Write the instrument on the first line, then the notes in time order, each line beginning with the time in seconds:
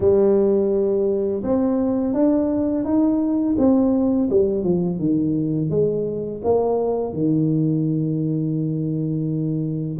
tuba
0.00 G3
1.43 C4
2.13 D4
2.84 D#4
3.57 C4
4.30 G3
4.63 F3
4.99 D#3
5.70 G#3
6.44 A#3
7.13 D#3